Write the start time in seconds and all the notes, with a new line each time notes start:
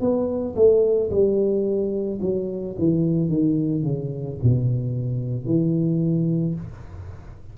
0.00 B3
0.55 A3
1.10 G3
2.21 F#3
2.78 E3
3.28 D#3
3.82 C#3
4.43 B2
5.45 E3